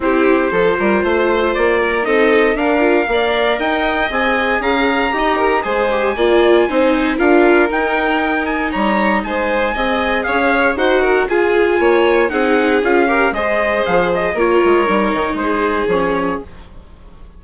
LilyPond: <<
  \new Staff \with { instrumentName = "trumpet" } { \time 4/4 \tempo 4 = 117 c''2. d''4 | dis''4 f''2 g''4 | gis''4 ais''2 gis''4~ | gis''2 f''4 g''4~ |
g''8 gis''8 ais''4 gis''2 | f''4 fis''4 gis''2 | fis''4 f''4 dis''4 f''8 dis''8 | cis''2 c''4 cis''4 | }
  \new Staff \with { instrumentName = "violin" } { \time 4/4 g'4 a'8 ais'8 c''4. ais'8 | a'4 ais'4 d''4 dis''4~ | dis''4 f''4 dis''8 ais'8 c''4 | d''4 c''4 ais'2~ |
ais'4 cis''4 c''4 dis''4 | cis''4 c''8 ais'8 gis'4 cis''4 | gis'4. ais'8 c''2 | ais'2 gis'2 | }
  \new Staff \with { instrumentName = "viola" } { \time 4/4 e'4 f'2. | dis'4 d'8 f'8 ais'2 | gis'2 g'4 gis'8 g'8 | f'4 dis'4 f'4 dis'4~ |
dis'2. gis'4~ | gis'4 fis'4 f'2 | dis'4 f'8 g'8 gis'2 | f'4 dis'2 cis'4 | }
  \new Staff \with { instrumentName = "bassoon" } { \time 4/4 c'4 f8 g8 a4 ais4 | c'4 d'4 ais4 dis'4 | c'4 cis'4 dis'4 gis4 | ais4 c'4 d'4 dis'4~ |
dis'4 g4 gis4 c'4 | cis'4 dis'4 f'4 ais4 | c'4 cis'4 gis4 f4 | ais8 gis8 g8 dis8 gis4 f4 | }
>>